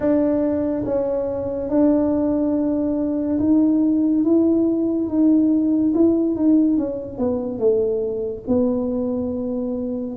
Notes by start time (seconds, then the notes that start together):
0.00 D4
0.85 C#4
1.69 D4
3.39 D#4
4.24 E4
5.08 D#4
5.94 E4
6.35 D#4
6.77 C#4
7.18 B3
7.58 A3
8.47 B3